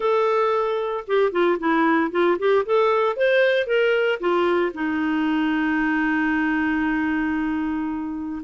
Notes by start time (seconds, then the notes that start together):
0.00 A4
1.07 G4
1.32 F4
1.59 E4
2.11 F4
2.39 G4
2.65 A4
3.16 C5
3.66 A#4
4.20 F4
4.73 D#4